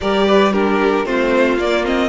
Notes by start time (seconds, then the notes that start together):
0.00 G3 G4 A#4 D5
0.26 B4
0.53 D4 G4 A#4
1.05 A3 C4 F4 C5
1.57 A#3 D5
1.84 C4 D#5